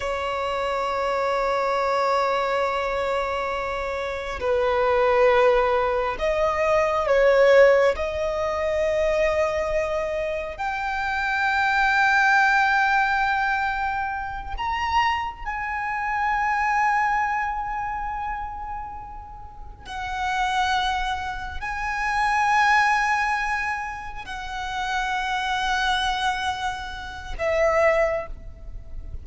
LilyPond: \new Staff \with { instrumentName = "violin" } { \time 4/4 \tempo 4 = 68 cis''1~ | cis''4 b'2 dis''4 | cis''4 dis''2. | g''1~ |
g''8 ais''4 gis''2~ gis''8~ | gis''2~ gis''8 fis''4.~ | fis''8 gis''2. fis''8~ | fis''2. e''4 | }